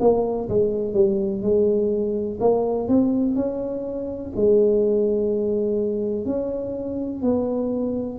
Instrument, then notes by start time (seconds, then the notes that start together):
tuba
0.00 A#3
0.49 G#3
0.94 G3
1.42 G#3
2.40 A#3
2.88 C4
3.35 C#4
4.35 G#3
6.25 C#4
7.22 B3